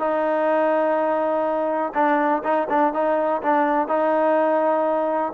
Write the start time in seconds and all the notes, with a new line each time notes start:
0.00 D#4
1.95 D4
2.44 D#4
2.70 D4
2.94 D#4
3.43 D4
3.88 D#4